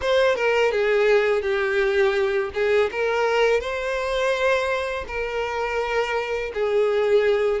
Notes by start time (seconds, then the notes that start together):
0.01 C5
0.35 A#4
0.71 G#4
1.42 G4
2.54 G#4
2.91 A#4
3.60 C5
5.07 A#4
6.54 G#4